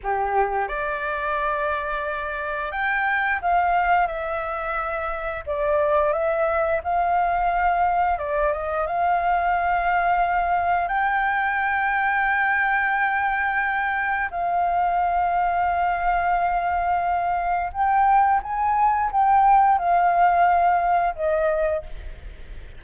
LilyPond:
\new Staff \with { instrumentName = "flute" } { \time 4/4 \tempo 4 = 88 g'4 d''2. | g''4 f''4 e''2 | d''4 e''4 f''2 | d''8 dis''8 f''2. |
g''1~ | g''4 f''2.~ | f''2 g''4 gis''4 | g''4 f''2 dis''4 | }